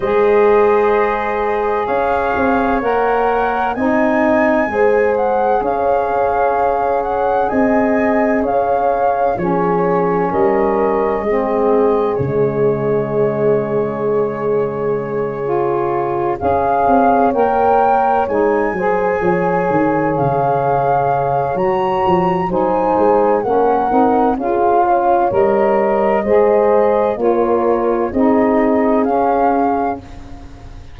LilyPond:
<<
  \new Staff \with { instrumentName = "flute" } { \time 4/4 \tempo 4 = 64 dis''2 f''4 fis''4 | gis''4. fis''8 f''4. fis''8 | gis''4 f''4 cis''4 dis''4~ | dis''4 cis''2.~ |
cis''4. f''4 g''4 gis''8~ | gis''4. f''4. ais''4 | gis''4 fis''4 f''4 dis''4~ | dis''4 cis''4 dis''4 f''4 | }
  \new Staff \with { instrumentName = "horn" } { \time 4/4 c''2 cis''2 | dis''4 c''4 cis''2 | dis''4 cis''4 gis'4 ais'4 | gis'1~ |
gis'4. cis''2~ cis''8 | c''8 cis''2.~ cis''8 | c''4 ais'4 gis'8 cis''4. | c''4 ais'4 gis'2 | }
  \new Staff \with { instrumentName = "saxophone" } { \time 4/4 gis'2. ais'4 | dis'4 gis'2.~ | gis'2 cis'2 | c'4 gis2.~ |
gis8 f'4 gis'4 ais'4 dis'8 | gis'2. fis'4 | dis'4 cis'8 dis'8 f'4 ais'4 | gis'4 f'4 dis'4 cis'4 | }
  \new Staff \with { instrumentName = "tuba" } { \time 4/4 gis2 cis'8 c'8 ais4 | c'4 gis4 cis'2 | c'4 cis'4 f4 g4 | gis4 cis2.~ |
cis4. cis'8 c'8 ais4 gis8 | fis8 f8 dis8 cis4. fis8 f8 | fis8 gis8 ais8 c'8 cis'4 g4 | gis4 ais4 c'4 cis'4 | }
>>